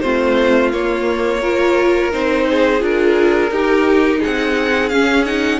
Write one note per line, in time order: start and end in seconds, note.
0.00 0.73 A3
0.00 0.73 C4
0.00 1.41 F4
0.00 0.70 C5
0.73 1.42 A#3
0.73 2.13 A#3
0.73 2.12 C#5
1.41 2.11 F4
1.41 2.46 A#4
2.11 2.82 C4
2.11 2.79 D#4
2.11 2.82 C5
2.50 3.52 G#4
2.79 3.51 D4
2.79 3.49 F4
2.79 4.23 A#4
3.51 4.20 D#4
3.51 4.91 D#4
3.51 4.19 G4
4.19 5.59 G#4
4.19 4.89 F#5
4.26 4.91 C4
4.89 5.25 C#4
4.89 5.59 C#4
4.89 5.24 F5
5.25 5.59 D#4
5.25 5.59 F#5